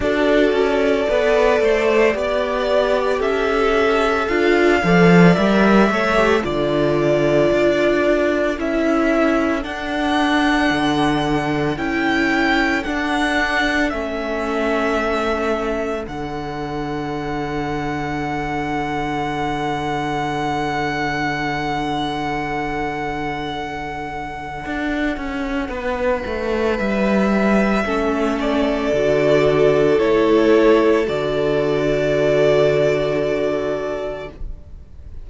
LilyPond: <<
  \new Staff \with { instrumentName = "violin" } { \time 4/4 \tempo 4 = 56 d''2. e''4 | f''4 e''4 d''2 | e''4 fis''2 g''4 | fis''4 e''2 fis''4~ |
fis''1~ | fis''1~ | fis''4 e''4. d''4. | cis''4 d''2. | }
  \new Staff \with { instrumentName = "violin" } { \time 4/4 a'4 b'8 c''8 d''4 a'4~ | a'8 d''4 cis''8 a'2~ | a'1~ | a'1~ |
a'1~ | a'1 | b'2 a'2~ | a'1 | }
  \new Staff \with { instrumentName = "viola" } { \time 4/4 fis'4 a'4 g'2 | f'8 a'8 ais'8 a'16 g'16 f'2 | e'4 d'2 e'4 | d'4 cis'2 d'4~ |
d'1~ | d'1~ | d'2 cis'4 fis'4 | e'4 fis'2. | }
  \new Staff \with { instrumentName = "cello" } { \time 4/4 d'8 cis'8 b8 a8 b4 cis'4 | d'8 f8 g8 a8 d4 d'4 | cis'4 d'4 d4 cis'4 | d'4 a2 d4~ |
d1~ | d2. d'8 cis'8 | b8 a8 g4 a4 d4 | a4 d2. | }
>>